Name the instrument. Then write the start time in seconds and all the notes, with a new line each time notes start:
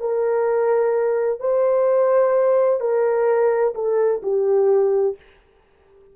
horn
0.00 A#4
1.39 C5
2.80 A#4
3.75 A4
4.22 G4